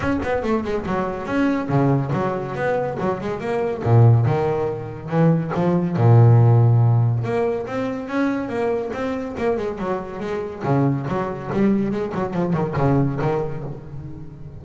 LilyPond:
\new Staff \with { instrumentName = "double bass" } { \time 4/4 \tempo 4 = 141 cis'8 b8 a8 gis8 fis4 cis'4 | cis4 fis4 b4 fis8 gis8 | ais4 ais,4 dis2 | e4 f4 ais,2~ |
ais,4 ais4 c'4 cis'4 | ais4 c'4 ais8 gis8 fis4 | gis4 cis4 fis4 g4 | gis8 fis8 f8 dis8 cis4 dis4 | }